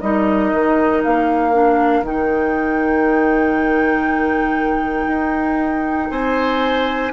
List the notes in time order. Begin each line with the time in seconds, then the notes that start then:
0.00 G3 D#4 A#4 D#5
0.52 D#3
1.03 A#3 F5
1.52 D4
2.01 D#3 D#4 G5
5.07 D#4
6.10 C4 C5 G#5